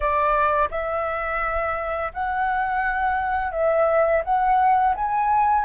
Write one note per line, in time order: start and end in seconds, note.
0.00 0.69 D5
0.70 2.11 E5
2.13 3.52 F#5
3.52 4.22 E5
4.24 4.94 F#5
4.95 5.65 G#5